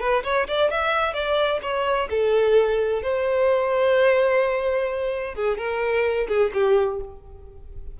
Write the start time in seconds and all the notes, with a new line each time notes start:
0.00 B4
0.24 C#5
0.48 D5
0.71 E5
1.14 D5
1.62 C#5
2.10 A4
3.02 C5
5.35 G#4
5.58 A#4
6.28 G#4
6.53 G4